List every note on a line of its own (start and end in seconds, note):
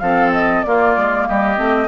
0.00 0.64 F3
0.00 0.66 C4
0.00 0.66 A4
0.00 0.32 F5
0.33 0.63 D#5
0.63 1.56 A#3
0.63 0.97 A#3
0.63 1.29 F4
0.63 1.26 D5
0.97 1.29 G#3
1.27 1.58 G3
1.27 1.88 G4
1.27 1.88 D#5
1.56 1.88 A3
1.56 1.88 C4